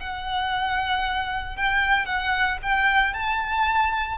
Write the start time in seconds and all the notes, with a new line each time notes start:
0.00 F#5
1.56 G5
2.06 F#5
2.62 G5
3.13 A5